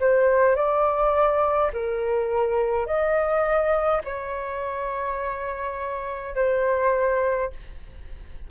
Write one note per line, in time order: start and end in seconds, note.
0.00 0.56 C5
0.56 1.72 D5
1.74 2.86 A#4
2.86 4.02 D#5
4.04 6.35 C#5
6.35 7.51 C5